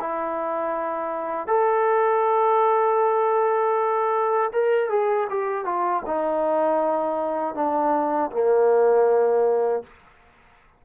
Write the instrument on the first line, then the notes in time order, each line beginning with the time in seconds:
trombone
0.00 E4
1.47 A4
4.53 A#4
4.90 G#4
5.29 G4
5.65 F4
6.06 D#4
7.55 D4
8.31 A#3